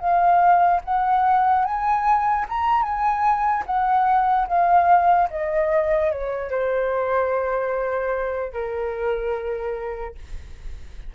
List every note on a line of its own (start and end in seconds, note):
0.00 0.81 F5
0.85 1.65 F#5
1.65 2.46 G#5
2.49 2.83 A#5
2.83 3.64 G#5
3.67 4.48 F#5
4.48 5.29 F5
5.31 6.12 D#5
6.12 6.50 C#5
6.50 8.53 C5
8.53 10.15 A#4